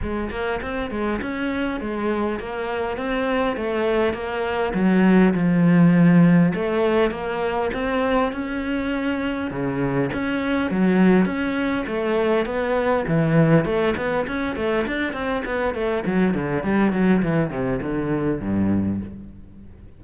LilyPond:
\new Staff \with { instrumentName = "cello" } { \time 4/4 \tempo 4 = 101 gis8 ais8 c'8 gis8 cis'4 gis4 | ais4 c'4 a4 ais4 | fis4 f2 a4 | ais4 c'4 cis'2 |
cis4 cis'4 fis4 cis'4 | a4 b4 e4 a8 b8 | cis'8 a8 d'8 c'8 b8 a8 fis8 d8 | g8 fis8 e8 c8 d4 g,4 | }